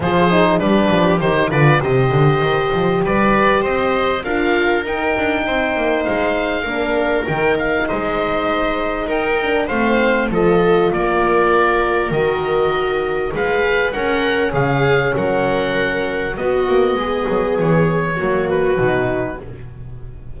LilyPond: <<
  \new Staff \with { instrumentName = "oboe" } { \time 4/4 \tempo 4 = 99 c''4 b'4 c''8 d''8 dis''4~ | dis''4 d''4 dis''4 f''4 | g''2 f''2 | g''8 f''8 dis''2 g''4 |
f''4 dis''4 d''2 | dis''2 f''4 fis''4 | f''4 fis''2 dis''4~ | dis''4 cis''4. b'4. | }
  \new Staff \with { instrumentName = "viola" } { \time 4/4 gis'4 g'4. b'8 c''4~ | c''4 b'4 c''4 ais'4~ | ais'4 c''2 ais'4~ | ais'4 c''2 ais'4 |
c''4 a'4 ais'2~ | ais'2 b'4 ais'4 | gis'4 ais'2 fis'4 | gis'2 fis'2 | }
  \new Staff \with { instrumentName = "horn" } { \time 4/4 f'8 dis'8 d'4 dis'8 f'8 g'4~ | g'2. f'4 | dis'2. d'4 | dis'2.~ dis'8 d'8 |
c'4 f'2. | fis'2 gis'4 cis'4~ | cis'2. b4~ | b2 ais4 dis'4 | }
  \new Staff \with { instrumentName = "double bass" } { \time 4/4 f4 g8 f8 dis8 d8 c8 d8 | dis8 f8 g4 c'4 d'4 | dis'8 d'8 c'8 ais8 gis4 ais4 | dis4 gis2 dis'4 |
a4 f4 ais2 | dis2 gis4 cis'4 | cis4 fis2 b8 ais8 | gis8 fis8 e4 fis4 b,4 | }
>>